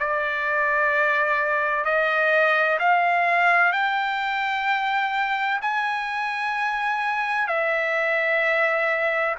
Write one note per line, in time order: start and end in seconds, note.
0.00 1.85 D5
1.85 2.79 D#5
2.80 3.73 F5
3.73 5.60 G5
5.62 7.48 G#5
7.48 9.35 E5